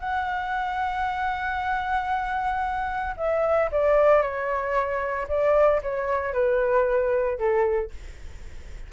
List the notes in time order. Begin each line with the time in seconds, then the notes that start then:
0.00 F#5
3.17 E5
3.72 D5
4.22 C#5
5.29 D5
5.83 C#5
6.33 B4
7.39 A4